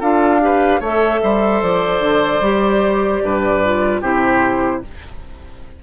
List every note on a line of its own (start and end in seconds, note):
0.00 0.81 D4
0.00 0.41 F4
0.00 0.40 A4
0.00 0.82 F5
0.41 0.81 G4
0.41 0.80 B4
0.80 1.21 A3
0.80 2.43 A4
0.80 1.20 C#5
0.80 1.63 E5
1.23 1.62 G3
1.23 3.23 C5
1.62 2.00 F3
1.62 4.02 D5
2.00 2.40 D3
2.41 3.21 G3
2.41 3.63 G4
3.23 4.02 G2
3.23 4.01 B4
3.64 4.03 F4
4.01 4.82 C3
4.01 4.83 E4
4.01 4.81 G4
4.01 4.82 C5